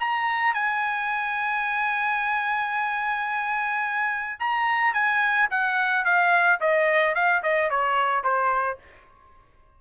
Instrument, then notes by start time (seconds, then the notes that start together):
trumpet
0.00 A#5
0.54 G#5
4.40 A#5
4.94 G#5
5.51 F#5
6.05 F5
6.61 D#5
7.15 F5
7.43 D#5
7.70 C#5
8.24 C5